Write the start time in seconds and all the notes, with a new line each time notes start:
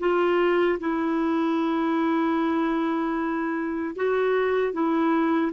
0.00 F4
0.80 E4
3.96 F#4
4.73 E4